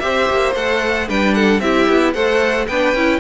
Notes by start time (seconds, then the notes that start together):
0.00 C4 G4 C5 E5
0.30 A#3
0.56 A3 A4 F#5
1.09 G3 D4 B4 G5
1.35 A4 F#5
1.60 C4 E4 G4 E5
1.89 B3
2.14 A3 A4 C5 F#5
2.67 B3 D4 B4 G5
2.95 C#4 E4